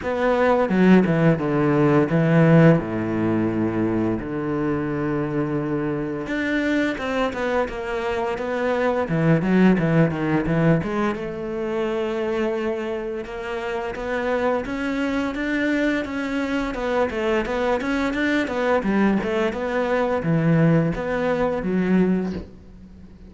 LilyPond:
\new Staff \with { instrumentName = "cello" } { \time 4/4 \tempo 4 = 86 b4 fis8 e8 d4 e4 | a,2 d2~ | d4 d'4 c'8 b8 ais4 | b4 e8 fis8 e8 dis8 e8 gis8 |
a2. ais4 | b4 cis'4 d'4 cis'4 | b8 a8 b8 cis'8 d'8 b8 g8 a8 | b4 e4 b4 fis4 | }